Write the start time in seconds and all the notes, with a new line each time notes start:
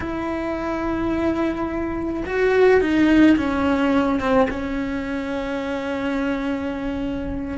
0.00 E4
2.25 F#4
2.80 D#4
3.37 C#4
4.20 C4
4.50 C#4